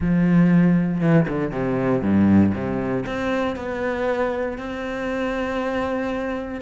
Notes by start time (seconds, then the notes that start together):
0.00 F3
1.01 E3
1.28 D3
1.51 C3
2.02 G2
2.54 C3
3.06 C4
3.56 B3
4.58 C4